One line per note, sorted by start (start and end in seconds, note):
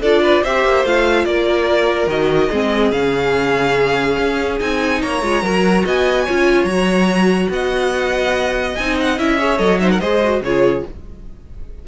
0.00 0.42 D4
0.00 0.45 F4
0.00 0.21 A4
0.00 0.43 D5
0.21 0.42 B4
0.42 0.64 C4
0.42 0.85 G4
0.42 1.25 C5
0.42 0.85 E5
0.64 0.84 A#3
0.84 1.25 A3
0.84 2.08 F4
0.84 1.24 F5
1.24 2.06 A#3
1.24 2.49 A#4
1.24 2.08 D5
2.06 2.48 D#3
2.06 2.50 F#4
2.06 2.91 D#5
2.49 2.91 G#3
2.49 2.93 C4
2.49 4.99 G#4
2.91 4.16 C#3
2.91 4.59 C#4
2.91 4.58 F5
4.18 4.60 C#4
4.59 5.02 C4
4.59 5.22 D#4
4.59 5.01 G#5
5.01 5.22 A#3
5.01 5.42 C#5
5.01 5.85 A#5
5.22 5.42 G#3
5.22 5.43 F4
5.42 5.83 F#3
5.42 6.27 F#4
5.42 5.84 A#4
5.85 6.27 B3
5.85 6.24 D#5
5.85 6.64 G#5
6.24 6.64 C#4
6.24 6.69 F4
6.24 7.49 C#5
6.64 7.47 F#3
6.64 8.77 F#4
6.64 7.48 A#5
7.49 8.74 B3
7.49 9.39 D#5
7.49 8.74 F#5
8.74 9.18 C4
8.74 9.17 D#4
8.74 8.95 G#5
9.00 9.18 F#5
9.17 9.59 C#4
9.17 9.38 E4
9.17 9.57 E5
9.38 9.57 G#4
9.38 9.80 C#5
9.57 10.00 F#3
9.57 9.78 A4
9.57 9.78 D#5
9.79 10.00 D#4
9.79 9.91 C5
9.79 9.89 E5
9.90 10.00 A#4
9.90 9.99 F#5
9.99 10.40 G#3
9.99 10.22 G#4
9.99 10.42 C5
9.99 10.41 D#5
10.23 10.44 F#4
10.40 10.82 C#3
10.40 10.87 F4
10.40 10.86 G#4
10.40 10.85 C#5